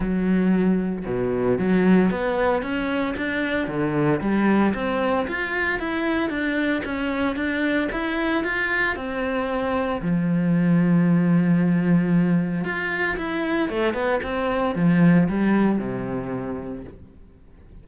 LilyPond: \new Staff \with { instrumentName = "cello" } { \time 4/4 \tempo 4 = 114 fis2 b,4 fis4 | b4 cis'4 d'4 d4 | g4 c'4 f'4 e'4 | d'4 cis'4 d'4 e'4 |
f'4 c'2 f4~ | f1 | f'4 e'4 a8 b8 c'4 | f4 g4 c2 | }